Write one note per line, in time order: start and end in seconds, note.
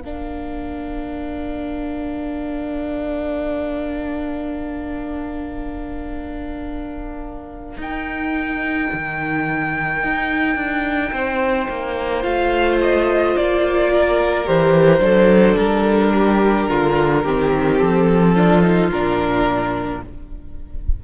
0.00 7.77 A#3
0.00 7.81 D4
0.00 11.13 A#4
0.00 7.78 F5
7.77 8.88 D#4
7.77 12.22 D#4
7.77 12.22 G5
8.93 10.03 D#3
10.03 10.56 D#4
10.56 11.11 D4
11.12 11.68 C4
11.12 13.91 C5
11.69 12.24 A#3
12.22 13.35 A3
12.22 14.45 F4
12.22 12.78 F5
12.81 13.36 D#5
13.36 14.48 A#3
13.36 14.47 D5
13.93 15.03 A#4
14.46 15.00 E3
14.46 14.99 G4
14.46 15.56 C5
14.99 15.55 F#3
14.99 17.21 D4
14.99 16.14 A4
15.56 16.68 G3
15.56 17.78 A#4
16.14 16.70 G4
16.70 17.26 D3
16.70 17.23 F4
17.23 17.81 D#3
17.23 18.36 C4
17.23 18.34 G4
17.78 18.92 F3
17.78 18.90 A4
18.34 18.62 D4
18.34 20.01 F4
18.62 18.90 D#4
18.91 20.03 A#2
18.91 20.04 D4
18.91 20.02 A#4